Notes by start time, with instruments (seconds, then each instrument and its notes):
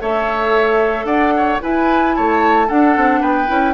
0.00 bassoon A3, clarinet A4, oboe C#5, flute E5
1.04 bassoon D4, oboe D5, flute F#5
1.36 oboe C#5
1.61 clarinet E4, bassoon E4, oboe B4, flute G#5
2.15 bassoon A3, oboe C#5, flute A5
2.67 clarinet D4, bassoon D4, oboe A4, flute F#5
2.96 bassoon C4
3.20 bassoon B3, oboe B4, flute G5
3.47 bassoon C#4, clarinet E4